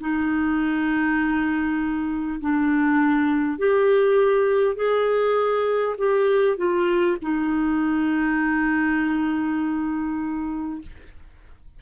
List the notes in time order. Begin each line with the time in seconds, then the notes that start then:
0.00 D#4
2.41 D4
3.58 G4
4.76 G#4
5.98 G4
6.57 F4
7.22 D#4